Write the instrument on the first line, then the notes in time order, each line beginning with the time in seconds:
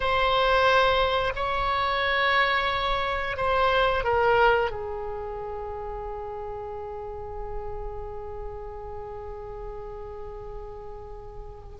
oboe
0.00 C5
1.35 C#5
3.36 C5
4.04 A#4
4.70 G#4